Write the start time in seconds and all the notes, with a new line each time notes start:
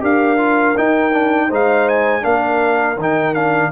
0.00 D4 G4 A#4 F5
0.37 F4
0.77 D#4 G5
1.12 D4
1.48 G#3 D#4 C5
1.54 F5
1.89 G#5
2.21 A#3 D4 A#4 F5
2.96 D#3 D#4 G5
3.34 D4 F5